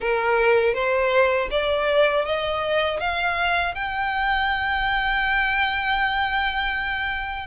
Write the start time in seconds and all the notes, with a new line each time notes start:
0.00 A#4
0.74 C5
1.50 D5
2.25 D#5
3.00 F5
3.74 G5